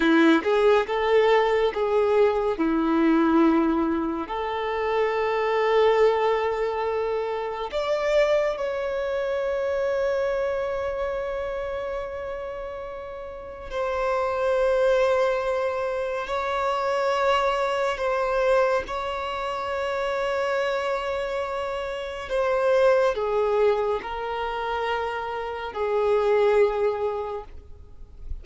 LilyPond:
\new Staff \with { instrumentName = "violin" } { \time 4/4 \tempo 4 = 70 e'8 gis'8 a'4 gis'4 e'4~ | e'4 a'2.~ | a'4 d''4 cis''2~ | cis''1 |
c''2. cis''4~ | cis''4 c''4 cis''2~ | cis''2 c''4 gis'4 | ais'2 gis'2 | }